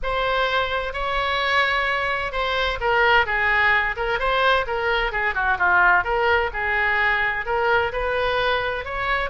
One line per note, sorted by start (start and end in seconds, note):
0.02 0.93 C5
0.93 2.32 C#5
2.32 2.78 C5
2.80 3.26 A#4
3.26 3.95 G#4
3.96 4.19 A#4
4.19 4.65 C5
4.67 5.12 A#4
5.12 5.34 G#4
5.34 5.57 F#4
5.58 6.03 F4
6.03 6.50 A#4
6.53 7.45 G#4
7.45 7.92 A#4
7.92 8.85 B4
8.85 9.30 C#5